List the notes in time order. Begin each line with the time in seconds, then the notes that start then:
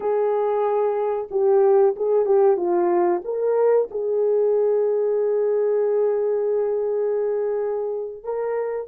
0.00 G#4
1.30 G4
1.96 G#4
2.25 G4
2.57 F4
3.24 A#4
3.90 G#4
8.23 A#4